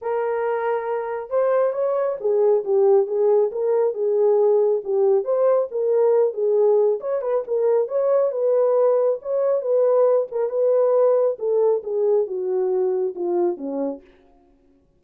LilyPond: \new Staff \with { instrumentName = "horn" } { \time 4/4 \tempo 4 = 137 ais'2. c''4 | cis''4 gis'4 g'4 gis'4 | ais'4 gis'2 g'4 | c''4 ais'4. gis'4. |
cis''8 b'8 ais'4 cis''4 b'4~ | b'4 cis''4 b'4. ais'8 | b'2 a'4 gis'4 | fis'2 f'4 cis'4 | }